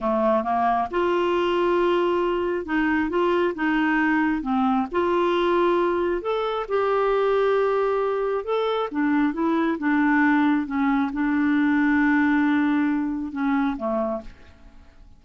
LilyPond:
\new Staff \with { instrumentName = "clarinet" } { \time 4/4 \tempo 4 = 135 a4 ais4 f'2~ | f'2 dis'4 f'4 | dis'2 c'4 f'4~ | f'2 a'4 g'4~ |
g'2. a'4 | d'4 e'4 d'2 | cis'4 d'2.~ | d'2 cis'4 a4 | }